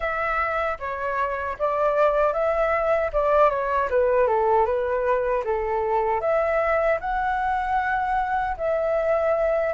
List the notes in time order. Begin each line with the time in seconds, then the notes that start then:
0.00 E5
0.79 C#5
1.58 D5
2.33 E5
3.12 D5
3.50 C#5
3.90 B4
4.27 A4
4.65 B4
5.44 A4
6.21 E5
7.00 F#5
8.57 E5